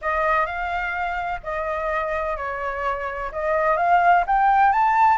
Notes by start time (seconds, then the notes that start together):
0.01 D#5
0.46 F5
1.43 D#5
2.36 C#5
3.32 D#5
3.77 F5
4.26 G5
4.72 A5